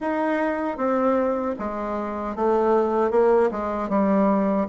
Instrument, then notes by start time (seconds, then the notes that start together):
bassoon
0.00 D#4
0.77 C4
1.58 G#3
2.35 A3
3.11 A#3
3.51 G#3
3.89 G3